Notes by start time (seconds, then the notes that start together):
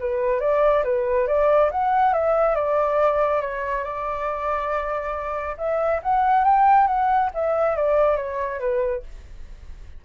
0.00 B4
0.40 D5
0.84 B4
1.28 D5
1.72 F#5
2.13 E5
2.55 D5
3.42 C#5
3.84 D5
5.58 E5
6.03 F#5
6.45 G5
6.88 F#5
7.34 E5
7.77 D5
8.17 C#5
8.60 B4